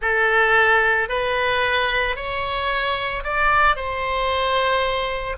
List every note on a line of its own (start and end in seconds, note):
0.01 1.08 A4
1.08 2.15 B4
2.16 3.23 C#5
3.23 3.75 D5
3.75 5.36 C5